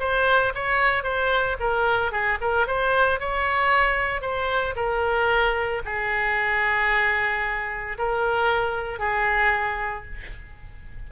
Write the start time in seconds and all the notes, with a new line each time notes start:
0.00 C5
0.55 C#5
1.04 C5
1.60 A#4
2.12 G#4
2.42 A#4
2.67 C5
3.20 C#5
4.22 C5
4.76 A#4
5.86 G#4
7.99 A#4
8.99 G#4